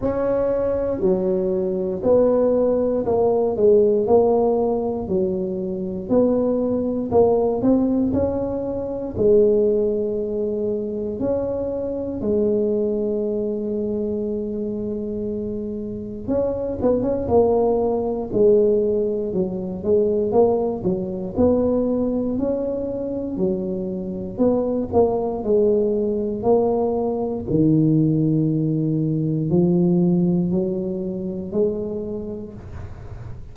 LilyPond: \new Staff \with { instrumentName = "tuba" } { \time 4/4 \tempo 4 = 59 cis'4 fis4 b4 ais8 gis8 | ais4 fis4 b4 ais8 c'8 | cis'4 gis2 cis'4 | gis1 |
cis'8 b16 cis'16 ais4 gis4 fis8 gis8 | ais8 fis8 b4 cis'4 fis4 | b8 ais8 gis4 ais4 dis4~ | dis4 f4 fis4 gis4 | }